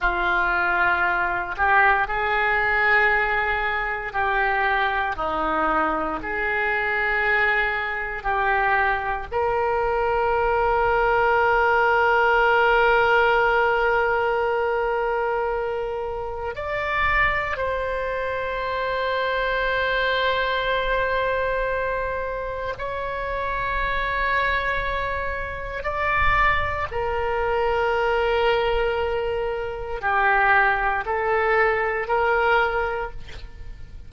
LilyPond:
\new Staff \with { instrumentName = "oboe" } { \time 4/4 \tempo 4 = 58 f'4. g'8 gis'2 | g'4 dis'4 gis'2 | g'4 ais'2.~ | ais'1 |
d''4 c''2.~ | c''2 cis''2~ | cis''4 d''4 ais'2~ | ais'4 g'4 a'4 ais'4 | }